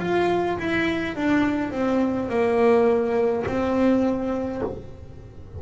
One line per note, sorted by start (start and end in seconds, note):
0.00 0.58 F4
0.58 1.15 E4
1.15 1.72 D4
1.72 2.29 C4
2.29 3.45 A#3
3.46 4.62 C4